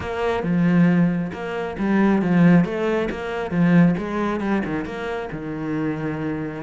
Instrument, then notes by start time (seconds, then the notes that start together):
cello
0.00 A#3
0.43 F3
1.32 A#3
1.78 G3
2.22 F3
2.64 A3
3.10 A#3
3.51 F3
3.97 G#3
4.40 G3
4.65 D#3
4.85 A#3
5.32 D#3